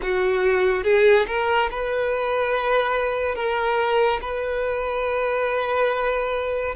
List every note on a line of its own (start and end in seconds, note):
0.02 0.83 F#4
0.83 1.26 G#4
1.27 1.69 A#4
1.71 3.35 B4
3.35 4.19 A#4
4.21 6.75 B4